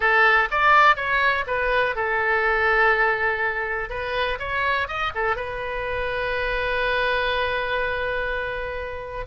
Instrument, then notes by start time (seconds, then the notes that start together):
oboe
0.00 A4
0.51 D5
0.96 C#5
1.47 B4
1.95 A4
3.89 B4
4.39 C#5
4.88 D#5
5.15 A4
5.36 B4